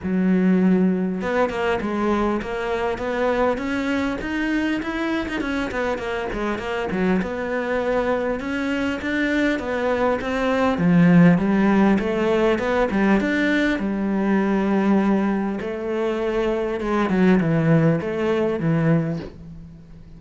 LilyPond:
\new Staff \with { instrumentName = "cello" } { \time 4/4 \tempo 4 = 100 fis2 b8 ais8 gis4 | ais4 b4 cis'4 dis'4 | e'8. dis'16 cis'8 b8 ais8 gis8 ais8 fis8 | b2 cis'4 d'4 |
b4 c'4 f4 g4 | a4 b8 g8 d'4 g4~ | g2 a2 | gis8 fis8 e4 a4 e4 | }